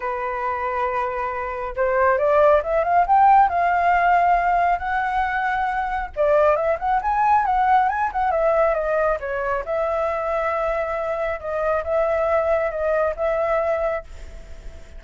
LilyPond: \new Staff \with { instrumentName = "flute" } { \time 4/4 \tempo 4 = 137 b'1 | c''4 d''4 e''8 f''8 g''4 | f''2. fis''4~ | fis''2 d''4 e''8 fis''8 |
gis''4 fis''4 gis''8 fis''8 e''4 | dis''4 cis''4 e''2~ | e''2 dis''4 e''4~ | e''4 dis''4 e''2 | }